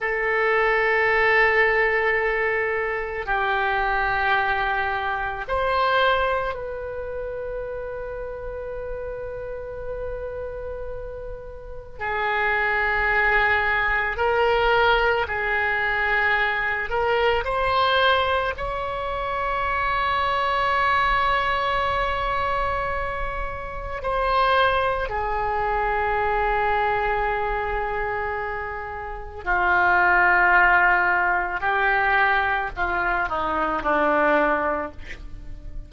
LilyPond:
\new Staff \with { instrumentName = "oboe" } { \time 4/4 \tempo 4 = 55 a'2. g'4~ | g'4 c''4 b'2~ | b'2. gis'4~ | gis'4 ais'4 gis'4. ais'8 |
c''4 cis''2.~ | cis''2 c''4 gis'4~ | gis'2. f'4~ | f'4 g'4 f'8 dis'8 d'4 | }